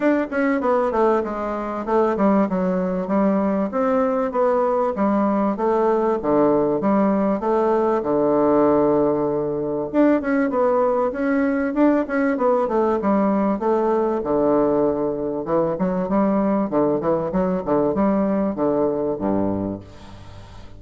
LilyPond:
\new Staff \with { instrumentName = "bassoon" } { \time 4/4 \tempo 4 = 97 d'8 cis'8 b8 a8 gis4 a8 g8 | fis4 g4 c'4 b4 | g4 a4 d4 g4 | a4 d2. |
d'8 cis'8 b4 cis'4 d'8 cis'8 | b8 a8 g4 a4 d4~ | d4 e8 fis8 g4 d8 e8 | fis8 d8 g4 d4 g,4 | }